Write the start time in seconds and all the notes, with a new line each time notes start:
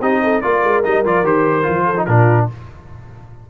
0.00 C4 D#4 G4 D#5
0.23 A4
0.41 A#3 F4 A#4 D5
0.64 G#3
0.84 G3 D#4 D#5
1.05 F3 F4 D5
1.23 D#3 G4 C5
1.63 F3 F4
1.85 A4
1.97 D#4
2.05 A#2 D4 F4 A#4